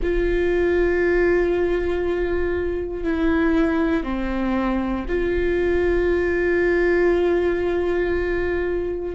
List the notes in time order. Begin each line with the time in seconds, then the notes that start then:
0.02 F4
3.03 E4
4.04 C4
5.08 F4